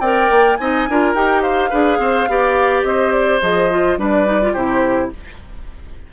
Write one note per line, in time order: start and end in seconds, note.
0.00 0.29 C4
0.00 0.59 A#4
0.00 0.57 D5
0.00 0.56 G5
0.31 0.59 A#3
0.56 0.88 C4
0.56 0.88 D#4
0.56 0.89 D#5
0.56 1.13 G#5
0.89 1.15 D4
0.89 1.15 F4
0.89 1.42 A#4
1.15 1.71 D#4
1.15 1.71 G4
1.15 1.42 G5
1.42 1.70 C5
1.42 2.83 F5
1.70 1.99 D4
1.70 2.27 G#4
1.70 1.98 B4
1.99 2.27 C4
1.99 2.29 C5
2.29 2.84 B3
2.29 3.42 G4
2.29 2.87 D5
2.84 3.40 C4
2.84 3.99 C5
2.84 3.12 D#5
3.12 3.40 D5
3.42 3.98 F3
3.42 3.70 G#4
3.42 3.99 D#5
3.70 3.98 F4
3.98 4.54 G3
3.98 4.26 D4
3.98 4.53 B4
3.98 4.54 D5
4.26 4.40 D#4
4.42 4.56 F4
4.53 5.11 C3
4.53 5.12 E4
4.53 5.10 G4
4.53 5.10 C5